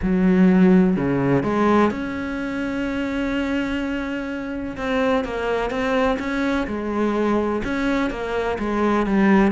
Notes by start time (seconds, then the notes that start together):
0.02 F#3
0.96 C#3
1.43 G#3
1.90 C#4
4.76 C4
5.24 A#3
5.70 C4
6.19 C#4
6.67 G#3
7.64 C#4
8.10 A#3
8.58 G#3
9.06 G3